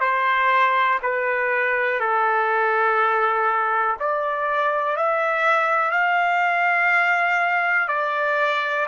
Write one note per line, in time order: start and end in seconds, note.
0.00 0.98 C5
1.02 1.99 B4
1.99 3.96 A4
3.99 4.96 D5
4.96 5.91 E5
5.91 7.87 F5
7.88 8.86 D5